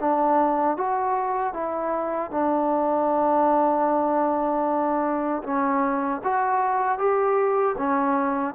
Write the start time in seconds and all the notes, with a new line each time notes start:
0.00 D4
0.77 F#4
1.53 E4
2.31 D4
5.43 C#4
6.24 F#4
6.98 G4
7.78 C#4